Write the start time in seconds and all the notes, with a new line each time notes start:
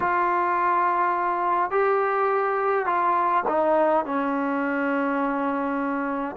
0.00 F4
1.70 G4
2.86 F4
3.47 D#4
4.05 C#4